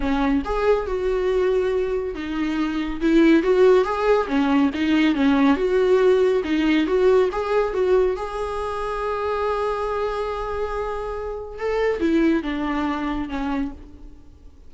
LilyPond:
\new Staff \with { instrumentName = "viola" } { \time 4/4 \tempo 4 = 140 cis'4 gis'4 fis'2~ | fis'4 dis'2 e'4 | fis'4 gis'4 cis'4 dis'4 | cis'4 fis'2 dis'4 |
fis'4 gis'4 fis'4 gis'4~ | gis'1~ | gis'2. a'4 | e'4 d'2 cis'4 | }